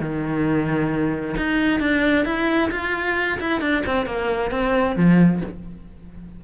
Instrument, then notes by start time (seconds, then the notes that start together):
cello
0.00 D#3
1.37 D#4
1.80 D4
2.25 E4
2.71 F4
3.40 E4
3.60 D4
3.86 C4
4.06 A#3
4.51 C4
4.96 F3